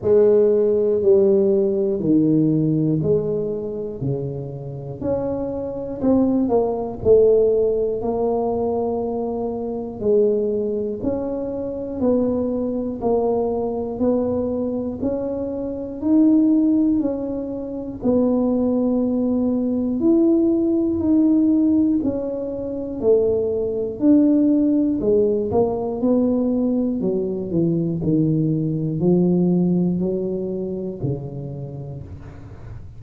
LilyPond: \new Staff \with { instrumentName = "tuba" } { \time 4/4 \tempo 4 = 60 gis4 g4 dis4 gis4 | cis4 cis'4 c'8 ais8 a4 | ais2 gis4 cis'4 | b4 ais4 b4 cis'4 |
dis'4 cis'4 b2 | e'4 dis'4 cis'4 a4 | d'4 gis8 ais8 b4 fis8 e8 | dis4 f4 fis4 cis4 | }